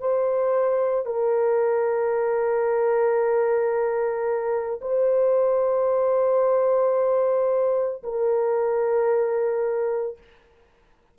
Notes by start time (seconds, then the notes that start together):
0.00 C5
1.06 A#4
4.81 C5
8.03 A#4